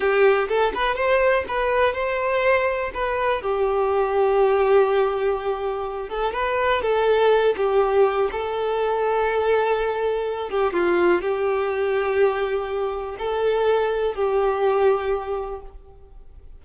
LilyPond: \new Staff \with { instrumentName = "violin" } { \time 4/4 \tempo 4 = 123 g'4 a'8 b'8 c''4 b'4 | c''2 b'4 g'4~ | g'1~ | g'8 a'8 b'4 a'4. g'8~ |
g'4 a'2.~ | a'4. g'8 f'4 g'4~ | g'2. a'4~ | a'4 g'2. | }